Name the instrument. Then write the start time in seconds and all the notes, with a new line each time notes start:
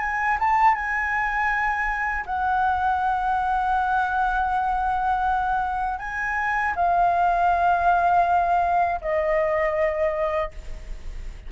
flute
0.00 G#5
0.40 A5
0.75 G#5
2.26 F#5
5.99 G#5
6.75 F5
9.01 D#5